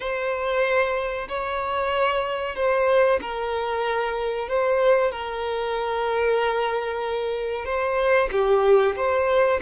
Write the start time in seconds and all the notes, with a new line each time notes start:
0.00 C5
1.28 C#5
2.55 C5
3.21 A#4
4.48 C5
5.11 A#4
7.65 C5
8.31 G4
8.96 C5